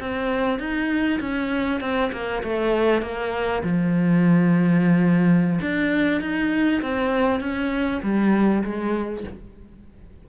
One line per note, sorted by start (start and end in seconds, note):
0.00 0.59 C4
0.59 1.20 D#4
1.21 1.81 C#4
1.81 2.11 C4
2.12 2.43 A#3
2.43 3.02 A3
3.02 3.63 A#3
3.63 5.60 F3
5.61 6.21 D4
6.21 6.82 D#4
6.82 7.40 C4
7.40 8.01 C#4
8.03 8.63 G3
8.64 9.24 G#3